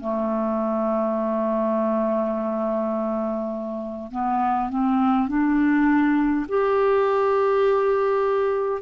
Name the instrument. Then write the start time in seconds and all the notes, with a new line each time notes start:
clarinet
0.00 A3
4.11 B3
4.69 C4
5.28 D4
6.48 G4